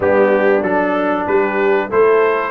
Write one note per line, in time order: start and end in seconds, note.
0.00 0.62 G3
0.00 0.61 B3
0.00 1.24 D4
0.00 0.62 G4
0.62 1.25 F#3
0.62 1.90 D4
0.62 1.25 A4
1.27 1.90 G3
1.27 1.89 G4
1.27 1.90 B4
1.89 2.51 A3
1.89 2.51 E4
1.89 2.51 A4
1.89 2.51 C5